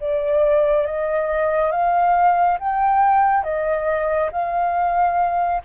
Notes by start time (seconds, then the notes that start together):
0.00 D5
0.86 D#5
1.71 F5
2.59 G5
3.43 D#5
4.32 F5